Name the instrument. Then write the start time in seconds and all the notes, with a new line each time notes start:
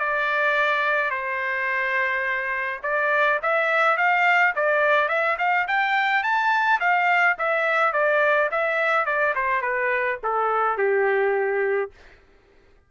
trumpet
0.00 D5
1.11 C5
2.84 D5
3.43 E5
3.98 F5
4.56 D5
5.09 E5
5.39 F5
5.68 G5
6.24 A5
6.81 F5
7.39 E5
7.93 D5
8.52 E5
9.06 D5
9.36 C5
9.62 B4
10.24 A4
10.78 G4